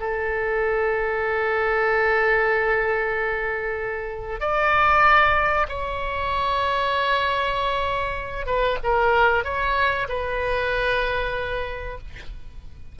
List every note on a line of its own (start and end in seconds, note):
0.00 4.41 A4
4.41 5.67 D5
5.69 8.47 C#5
8.47 8.78 B4
8.84 9.45 A#4
9.45 10.08 C#5
10.09 11.99 B4